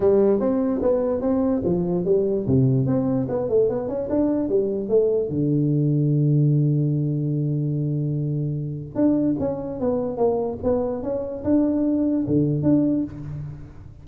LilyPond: \new Staff \with { instrumentName = "tuba" } { \time 4/4 \tempo 4 = 147 g4 c'4 b4 c'4 | f4 g4 c4 c'4 | b8 a8 b8 cis'8 d'4 g4 | a4 d2.~ |
d1~ | d2 d'4 cis'4 | b4 ais4 b4 cis'4 | d'2 d4 d'4 | }